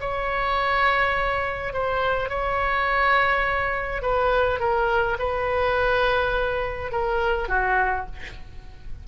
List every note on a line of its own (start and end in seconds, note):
0.00 1.73 C#5
1.73 2.29 C5
2.29 4.02 C#5
4.02 4.59 B4
4.59 5.17 A#4
5.18 6.91 B4
6.91 7.48 A#4
7.48 8.06 F#4